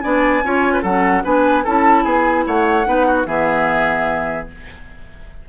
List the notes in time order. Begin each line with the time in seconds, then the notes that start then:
0.00 B3 D4 D5 G#5
0.43 C#4 F4 C#5
0.73 B4
0.82 F#3 C#4 A4 F#5
1.23 B3 D4 B4 G#5
1.64 C#4 E4 A4 A5
2.04 B3 G#4 G#5
2.46 A3 C#5 F#5
2.84 B3 D#4 B4
3.06 F#4
3.25 E3 B3 G#4 E5